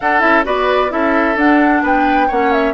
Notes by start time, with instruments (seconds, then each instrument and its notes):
0.00 bassoon D4, clarinet D4, oboe A4, flute F#5
0.20 bassoon C#4, clarinet E4, flute E5
0.44 bassoon B3, clarinet F#4, oboe B4, flute D5
0.89 bassoon C#4, clarinet E4, oboe A4, flute E5
1.36 bassoon D4, clarinet D4, flute F#5
1.82 bassoon B3, oboe B4, flute G5
2.27 bassoon A#3, clarinet C#4, oboe C#5, flute F#5
2.52 flute E5